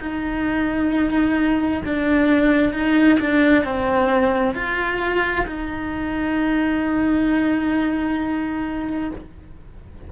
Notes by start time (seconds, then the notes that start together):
0.00 D#4
1.86 D4
2.74 D#4
3.19 D4
3.64 C4
4.55 F4
5.47 D#4